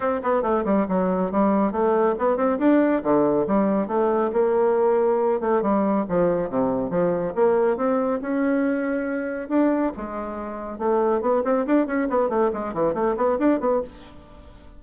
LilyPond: \new Staff \with { instrumentName = "bassoon" } { \time 4/4 \tempo 4 = 139 c'8 b8 a8 g8 fis4 g4 | a4 b8 c'8 d'4 d4 | g4 a4 ais2~ | ais8 a8 g4 f4 c4 |
f4 ais4 c'4 cis'4~ | cis'2 d'4 gis4~ | gis4 a4 b8 c'8 d'8 cis'8 | b8 a8 gis8 e8 a8 b8 d'8 b8 | }